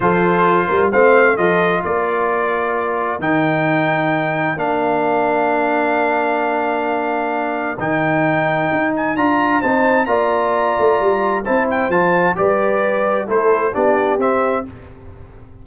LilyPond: <<
  \new Staff \with { instrumentName = "trumpet" } { \time 4/4 \tempo 4 = 131 c''2 f''4 dis''4 | d''2. g''4~ | g''2 f''2~ | f''1~ |
f''4 g''2~ g''8 gis''8 | ais''4 a''4 ais''2~ | ais''4 a''8 g''8 a''4 d''4~ | d''4 c''4 d''4 e''4 | }
  \new Staff \with { instrumentName = "horn" } { \time 4/4 a'4. ais'8 c''4 a'4 | ais'1~ | ais'1~ | ais'1~ |
ais'1~ | ais'4 c''4 d''2~ | d''4 c''2 b'4~ | b'4 a'4 g'2 | }
  \new Staff \with { instrumentName = "trombone" } { \time 4/4 f'2 c'4 f'4~ | f'2. dis'4~ | dis'2 d'2~ | d'1~ |
d'4 dis'2. | f'4 dis'4 f'2~ | f'4 e'4 f'4 g'4~ | g'4 e'4 d'4 c'4 | }
  \new Staff \with { instrumentName = "tuba" } { \time 4/4 f4. g8 a4 f4 | ais2. dis4~ | dis2 ais2~ | ais1~ |
ais4 dis2 dis'4 | d'4 c'4 ais4. a8 | g4 c'4 f4 g4~ | g4 a4 b4 c'4 | }
>>